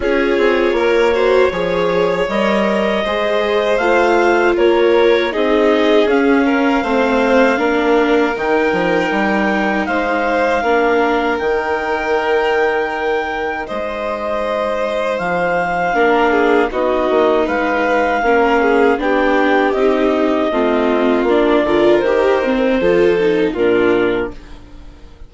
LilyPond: <<
  \new Staff \with { instrumentName = "clarinet" } { \time 4/4 \tempo 4 = 79 cis''2. dis''4~ | dis''4 f''4 cis''4 dis''4 | f''2. g''4~ | g''4 f''2 g''4~ |
g''2 dis''2 | f''2 dis''4 f''4~ | f''4 g''4 dis''2 | d''4 c''2 ais'4 | }
  \new Staff \with { instrumentName = "violin" } { \time 4/4 gis'4 ais'8 c''8 cis''2 | c''2 ais'4 gis'4~ | gis'8 ais'8 c''4 ais'2~ | ais'4 c''4 ais'2~ |
ais'2 c''2~ | c''4 ais'8 gis'8 fis'4 b'4 | ais'8 gis'8 g'2 f'4~ | f'8 ais'4. a'4 f'4 | }
  \new Staff \with { instrumentName = "viola" } { \time 4/4 f'4. fis'8 gis'4 ais'4 | gis'4 f'2 dis'4 | cis'4 c'4 d'4 dis'4~ | dis'2 d'4 dis'4~ |
dis'1~ | dis'4 d'4 dis'2 | cis'4 d'4 dis'4 c'4 | d'8 f'8 g'8 c'8 f'8 dis'8 d'4 | }
  \new Staff \with { instrumentName = "bassoon" } { \time 4/4 cis'8 c'8 ais4 f4 g4 | gis4 a4 ais4 c'4 | cis'4 a4 ais4 dis8 f8 | g4 gis4 ais4 dis4~ |
dis2 gis2 | f4 ais4 b8 ais8 gis4 | ais4 b4 c'4 a4 | ais8 d8 dis4 f4 ais,4 | }
>>